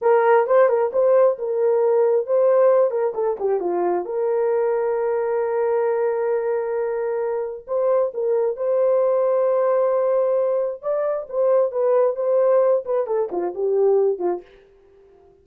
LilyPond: \new Staff \with { instrumentName = "horn" } { \time 4/4 \tempo 4 = 133 ais'4 c''8 ais'8 c''4 ais'4~ | ais'4 c''4. ais'8 a'8 g'8 | f'4 ais'2.~ | ais'1~ |
ais'4 c''4 ais'4 c''4~ | c''1 | d''4 c''4 b'4 c''4~ | c''8 b'8 a'8 f'8 g'4. f'8 | }